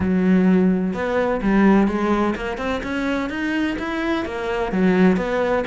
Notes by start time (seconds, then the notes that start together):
0.00 F#3
0.93 B3
1.42 G3
1.87 G#3
2.35 A#3
2.57 C4
2.83 C#4
3.29 D#4
3.78 E4
4.25 A#3
4.72 F#3
5.16 B3